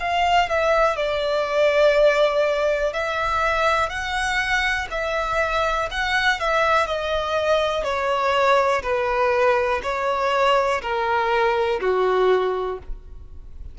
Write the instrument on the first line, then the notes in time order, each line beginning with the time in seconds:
violin
0.00 F5
0.49 E5
0.96 D5
2.93 E5
3.89 F#5
4.90 E5
5.91 F#5
6.40 E5
6.87 D#5
7.84 C#5
8.83 B4
9.83 C#5
10.82 A#4
11.80 F#4